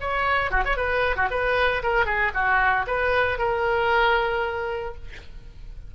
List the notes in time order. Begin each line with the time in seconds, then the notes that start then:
0.00 C#5
0.50 F#4
0.64 C#5
0.76 B4
1.15 F#4
1.30 B4
1.82 A#4
2.05 G#4
2.33 F#4
2.86 B4
3.38 A#4